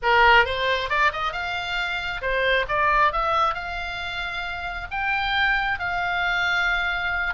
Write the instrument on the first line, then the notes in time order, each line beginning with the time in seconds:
oboe
0.02 A#4
0.45 C5
0.89 D5
1.12 D#5
1.32 F5
2.21 C5
2.68 D5
3.12 E5
3.54 F5
4.91 G5
5.79 F5